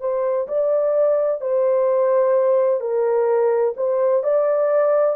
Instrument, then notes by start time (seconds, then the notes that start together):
horn
0.00 C5
0.48 D5
1.41 C5
2.80 A#4
3.77 C5
4.24 D5